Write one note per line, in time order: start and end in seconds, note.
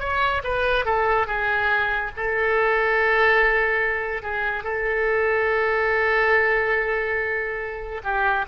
0.00 0.42 C#5
0.44 0.86 B4
0.86 1.27 A4
1.27 2.12 G#4
2.17 4.23 A4
4.23 4.64 G#4
4.64 8.02 A4
8.04 8.46 G4